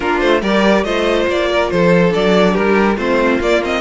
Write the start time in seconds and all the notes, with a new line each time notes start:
0.00 A#3 D4 F4 A#4
0.20 A3 C5
0.41 G3 G4 A#4 D5
0.84 A3 F4 C5 D#5
1.27 A#3 D5
1.49 A#4
1.70 F3 A4 C5
2.09 F#3 D4 D5
2.52 G3 G4 A#4
2.96 A3 C4 F4 C5
3.40 A#3 D5
3.63 C4 D#5